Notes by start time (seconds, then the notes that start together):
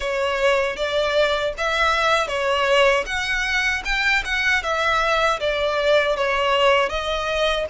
0.00 C#5
0.76 D5
1.57 E5
2.27 C#5
3.06 F#5
3.85 G5
4.24 F#5
4.62 E5
5.40 D5
6.16 C#5
6.88 D#5